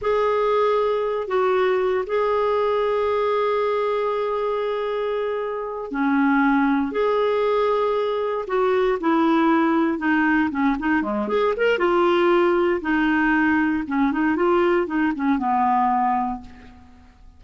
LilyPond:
\new Staff \with { instrumentName = "clarinet" } { \time 4/4 \tempo 4 = 117 gis'2~ gis'8 fis'4. | gis'1~ | gis'2.~ gis'8 cis'8~ | cis'4. gis'2~ gis'8~ |
gis'8 fis'4 e'2 dis'8~ | dis'8 cis'8 dis'8 gis8 gis'8 ais'8 f'4~ | f'4 dis'2 cis'8 dis'8 | f'4 dis'8 cis'8 b2 | }